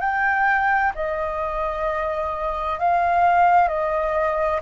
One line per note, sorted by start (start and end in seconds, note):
0.00 0.92 G5
0.95 2.79 D#5
2.79 3.68 F5
3.68 4.60 D#5